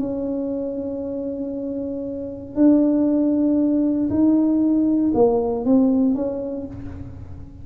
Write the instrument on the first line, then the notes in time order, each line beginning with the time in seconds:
tuba
0.00 C#4
2.56 D4
4.10 D#4
5.14 A#3
5.65 C4
6.16 C#4